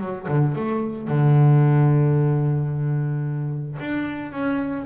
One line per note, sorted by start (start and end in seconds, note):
0.00 0.27 F#3
0.28 0.55 D3
0.55 1.07 A3
1.07 3.78 D3
3.79 4.31 D4
4.31 4.85 C#4